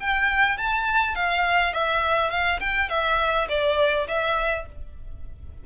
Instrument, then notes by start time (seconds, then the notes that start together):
violin
0.00 G5
0.57 A5
1.15 F5
1.73 E5
2.30 F5
2.60 G5
2.89 E5
3.49 D5
4.08 E5